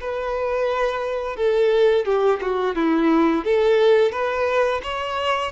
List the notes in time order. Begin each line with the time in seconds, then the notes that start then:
0.00 B4
1.36 A4
2.05 G4
2.41 F#4
2.75 E4
3.45 A4
4.12 B4
4.83 C#5